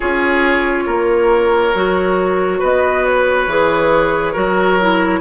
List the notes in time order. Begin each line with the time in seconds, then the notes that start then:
0.00 C#4 F4 G#4 C#5
0.86 A#3 A#4
1.74 F#3 F#4
2.59 B3 B4 D#5
3.05 C#5
3.47 E3 G#4
4.32 F#3 F#4 A#4
4.80 E4